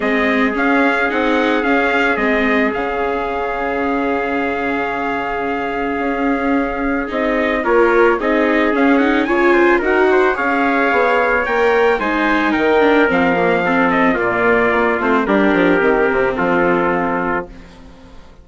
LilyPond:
<<
  \new Staff \with { instrumentName = "trumpet" } { \time 4/4 \tempo 4 = 110 dis''4 f''4 fis''4 f''4 | dis''4 f''2.~ | f''1~ | f''4 dis''4 cis''4 dis''4 |
f''8 fis''8 gis''4 fis''4 f''4~ | f''4 g''4 gis''4 g''4 | f''4. dis''8 d''4. c''8 | ais'2 a'2 | }
  \new Staff \with { instrumentName = "trumpet" } { \time 4/4 gis'1~ | gis'1~ | gis'1~ | gis'2 ais'4 gis'4~ |
gis'4 cis''8 c''8 ais'8 c''8 cis''4~ | cis''2 c''4 ais'4~ | ais'4 a'4 f'2 | g'2 f'2 | }
  \new Staff \with { instrumentName = "viola" } { \time 4/4 c'4 cis'4 dis'4 cis'4 | c'4 cis'2.~ | cis'1~ | cis'4 dis'4 f'4 dis'4 |
cis'8 dis'8 f'4 fis'4 gis'4~ | gis'4 ais'4 dis'4. d'8 | c'8 ais8 c'4 ais4. c'8 | d'4 c'2. | }
  \new Staff \with { instrumentName = "bassoon" } { \time 4/4 gis4 cis'4 c'4 cis'4 | gis4 cis2.~ | cis2. cis'4~ | cis'4 c'4 ais4 c'4 |
cis'4 cis4 dis'4 cis'4 | b4 ais4 gis4 dis4 | f2 ais,4 ais8 a8 | g8 f8 dis8 c8 f2 | }
>>